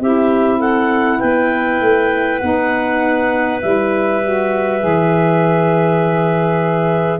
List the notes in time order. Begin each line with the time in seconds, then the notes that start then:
0.00 C4 E4 G4 E5
0.59 A4 F#5
1.20 B3 B4 G5
1.81 A3
2.39 B3 D#4 F#5
3.62 G3 E4 E5
4.23 F#4
4.80 E3 G#4